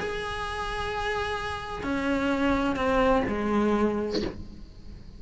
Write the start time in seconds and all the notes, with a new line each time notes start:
0.00 G#4
1.83 C#4
2.76 C4
3.29 G#3